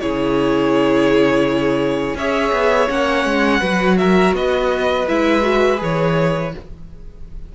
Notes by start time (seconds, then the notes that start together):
0.00 C#3 E4 G#4 C#5
2.15 C#4 G#4 C#5 E5
2.52 B3
2.88 A#3 C#4 F#5
3.25 G#3
3.61 F#3 F#4 B4
3.98 A#4 E5
4.33 B3 B4 D#5
5.08 G#3 E4 E5
5.42 F#4
5.77 E3 G#4 C#5